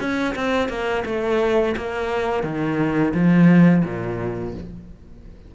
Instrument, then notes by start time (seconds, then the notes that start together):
cello
0.00 C#4
0.36 C4
0.69 A#3
1.06 A3
1.77 A#3
2.44 D#3
3.14 F3
3.85 A#2